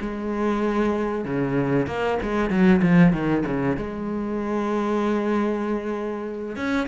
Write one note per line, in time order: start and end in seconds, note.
0.00 1.24 G#3
1.24 1.86 C#3
1.86 2.18 A#3
2.22 2.50 G#3
2.50 2.81 F#3
2.82 3.12 F3
3.12 3.43 D#3
3.46 3.76 C#3
3.76 6.56 G#3
6.56 6.87 C#4